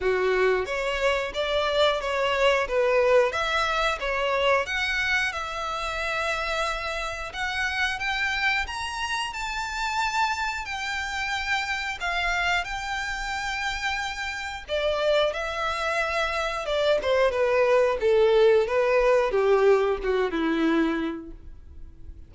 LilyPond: \new Staff \with { instrumentName = "violin" } { \time 4/4 \tempo 4 = 90 fis'4 cis''4 d''4 cis''4 | b'4 e''4 cis''4 fis''4 | e''2. fis''4 | g''4 ais''4 a''2 |
g''2 f''4 g''4~ | g''2 d''4 e''4~ | e''4 d''8 c''8 b'4 a'4 | b'4 g'4 fis'8 e'4. | }